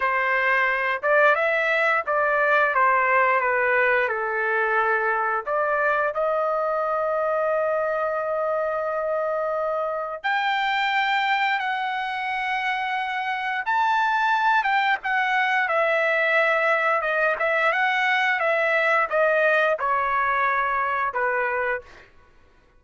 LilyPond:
\new Staff \with { instrumentName = "trumpet" } { \time 4/4 \tempo 4 = 88 c''4. d''8 e''4 d''4 | c''4 b'4 a'2 | d''4 dis''2.~ | dis''2. g''4~ |
g''4 fis''2. | a''4. g''8 fis''4 e''4~ | e''4 dis''8 e''8 fis''4 e''4 | dis''4 cis''2 b'4 | }